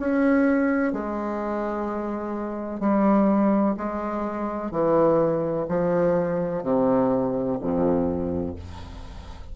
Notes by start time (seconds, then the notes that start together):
0.00 C#4
0.94 G#3
2.81 G3
3.78 G#3
4.72 E3
5.69 F3
6.64 C3
7.61 F2